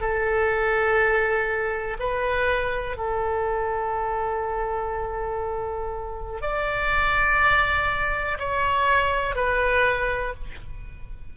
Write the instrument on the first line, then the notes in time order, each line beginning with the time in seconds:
oboe
0.00 A4
1.99 B4
2.97 A4
6.42 D5
8.39 C#5
9.36 B4